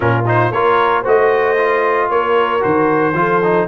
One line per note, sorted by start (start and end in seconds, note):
0.00 0.50 A#2
0.00 0.23 C#4
0.00 0.52 F4
0.00 0.24 A#4
0.26 0.52 D#4
0.26 0.51 C5
0.50 1.03 A#3
0.50 1.04 F4
0.50 1.02 A#4
0.50 1.04 C#5
1.02 2.09 A3
1.02 1.56 F#4
1.02 2.07 C5
1.02 2.10 D#5
1.57 2.60 F4
2.09 2.62 A#3
2.09 3.16 A#4
2.09 2.62 C#5
2.60 3.13 D#3
2.60 3.12 F#4
2.60 3.67 C5
3.13 3.66 F3
3.13 3.41 F4
3.13 3.67 A4
3.43 3.67 D#4